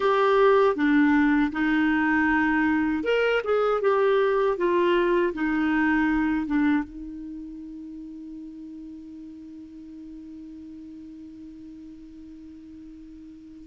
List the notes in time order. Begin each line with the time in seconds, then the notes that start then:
0.00 G4
0.75 D4
1.52 D#4
3.03 A#4
3.44 G#4
3.81 G4
4.57 F4
5.33 D#4
6.46 D4
6.83 D#4